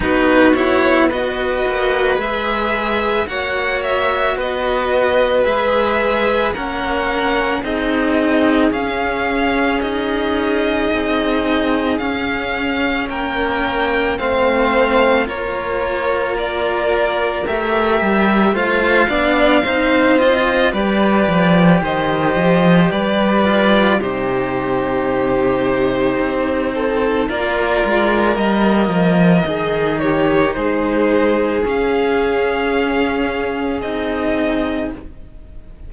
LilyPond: <<
  \new Staff \with { instrumentName = "violin" } { \time 4/4 \tempo 4 = 55 b'8 cis''8 dis''4 e''4 fis''8 e''8 | dis''4 e''4 fis''4 dis''4 | f''4 dis''2 f''4 | g''4 f''4 cis''4 d''4 |
e''4 f''4. dis''8 d''4 | dis''4 d''4 c''2~ | c''4 d''4 dis''4. cis''8 | c''4 f''2 dis''4 | }
  \new Staff \with { instrumentName = "violin" } { \time 4/4 fis'4 b'2 cis''4 | b'2 ais'4 gis'4~ | gis'1 | ais'4 c''4 ais'2~ |
ais'4 c''8 d''8 c''4 b'4 | c''4 b'4 g'2~ | g'8 a'8 ais'2 gis'8 g'8 | gis'1 | }
  \new Staff \with { instrumentName = "cello" } { \time 4/4 dis'8 e'8 fis'4 gis'4 fis'4~ | fis'4 gis'4 cis'4 dis'4 | cis'4 dis'2 cis'4~ | cis'4 c'4 f'2 |
g'4 f'8 d'8 dis'8 f'8 g'4~ | g'4. f'8 dis'2~ | dis'4 f'4 ais4 dis'4~ | dis'4 cis'2 dis'4 | }
  \new Staff \with { instrumentName = "cello" } { \time 4/4 b4. ais8 gis4 ais4 | b4 gis4 ais4 c'4 | cis'2 c'4 cis'4 | ais4 a4 ais2 |
a8 g8 a8 b8 c'4 g8 f8 | dis8 f8 g4 c2 | c'4 ais8 gis8 g8 f8 dis4 | gis4 cis'2 c'4 | }
>>